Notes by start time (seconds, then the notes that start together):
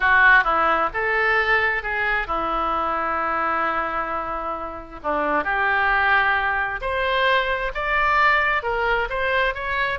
0.00 F#4
0.43 E4
0.93 A4
1.82 G#4
2.27 E4
5.03 D4
5.44 G4
6.81 C5
7.74 D5
8.62 A#4
9.09 C5
9.54 C#5